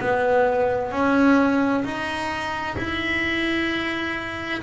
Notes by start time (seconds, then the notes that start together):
0.00 B3
0.92 C#4
1.85 D#4
2.78 E4